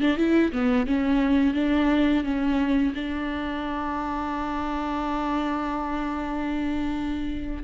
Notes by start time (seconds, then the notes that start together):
0.00 D4
0.16 E4
0.52 B3
0.86 C#4
1.53 D4
2.23 C#4
2.94 D4